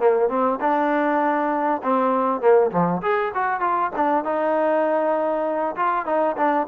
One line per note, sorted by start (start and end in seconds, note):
0.00 0.29 A#3
0.29 0.59 C4
0.61 1.82 D4
1.83 2.41 C4
2.41 2.71 A#3
2.71 3.02 F3
3.02 3.32 G#4
3.35 3.61 F#4
3.61 3.91 F4
3.96 4.24 D4
4.24 5.76 D#4
5.76 6.06 F4
6.06 6.36 D#4
6.37 6.67 D4